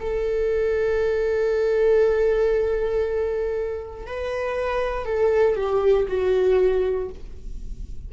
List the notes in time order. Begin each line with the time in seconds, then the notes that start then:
0.00 A4
4.07 B4
5.06 A4
5.56 G4
6.08 F#4